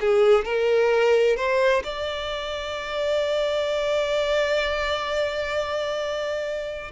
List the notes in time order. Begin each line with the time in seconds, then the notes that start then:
0.00 G#4
0.44 A#4
1.36 C5
1.83 D5